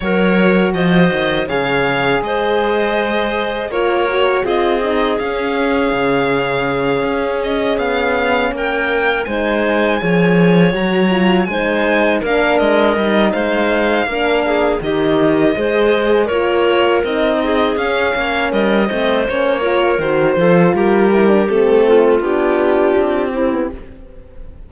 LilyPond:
<<
  \new Staff \with { instrumentName = "violin" } { \time 4/4 \tempo 4 = 81 cis''4 dis''4 f''4 dis''4~ | dis''4 cis''4 dis''4 f''4~ | f''2 dis''8 f''4 g''8~ | g''8 gis''2 ais''4 gis''8~ |
gis''8 f''8 dis''4 f''2 | dis''2 cis''4 dis''4 | f''4 dis''4 cis''4 c''4 | ais'4 a'4 g'2 | }
  \new Staff \with { instrumentName = "clarinet" } { \time 4/4 ais'4 c''4 cis''4 c''4~ | c''4 ais'4 gis'2~ | gis'2.~ gis'8 ais'8~ | ais'8 c''4 cis''2 c''8~ |
c''8 ais'4. c''4 ais'8 gis'8 | g'4 c''4 ais'4. gis'8~ | gis'8 cis''8 ais'8 c''4 ais'4 a'8 | g'4. f'2 e'8 | }
  \new Staff \with { instrumentName = "horn" } { \time 4/4 fis'2 gis'2~ | gis'4 f'8 fis'8 f'8 dis'8 cis'4~ | cis'1~ | cis'8 dis'4 gis'4 fis'8 f'8 dis'8~ |
dis'8 d'4 dis'4. d'4 | dis'4 gis'4 f'4 dis'4 | cis'4. c'8 cis'8 f'8 fis'8 f'8~ | f'8 e'16 d'16 c'4 d'4. c'16 b16 | }
  \new Staff \with { instrumentName = "cello" } { \time 4/4 fis4 f8 dis8 cis4 gis4~ | gis4 ais4 c'4 cis'4 | cis4. cis'4 b4 ais8~ | ais8 gis4 f4 fis4 gis8~ |
gis8 ais8 gis8 g8 gis4 ais4 | dis4 gis4 ais4 c'4 | cis'8 ais8 g8 a8 ais4 dis8 f8 | g4 a4 b4 c'4 | }
>>